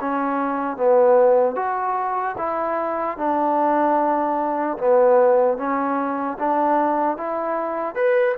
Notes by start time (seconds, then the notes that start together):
0.00 C#4
0.76 B3
1.55 F#4
2.37 E4
3.17 D4
4.77 B3
5.57 C#4
6.38 D4
7.17 E4
7.95 B4